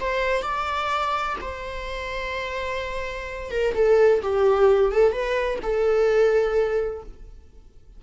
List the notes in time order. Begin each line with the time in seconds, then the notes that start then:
0.00 C5
0.42 D5
1.41 C5
3.51 A#4
3.75 A4
4.22 G4
4.92 A4
5.12 B4
5.62 A4